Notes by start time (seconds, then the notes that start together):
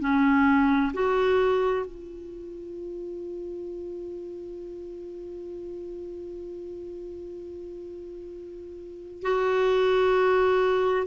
0.00 C#4
0.94 F#4
1.86 F4
9.22 F#4